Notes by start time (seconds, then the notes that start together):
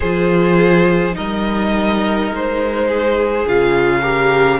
0.00 F3 F4 G#4 C5
1.12 G3 D#4 A#4 D#5
2.30 G#3 C5
2.87 G#4
3.47 C#3 F4 F5
4.01 G4 A#4